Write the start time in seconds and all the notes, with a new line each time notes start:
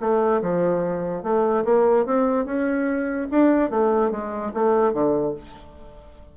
0.00 A3
0.41 F3
1.23 A3
1.64 A#3
2.05 C4
2.45 C#4
3.30 D4
3.70 A3
4.11 G#3
4.53 A3
4.93 D3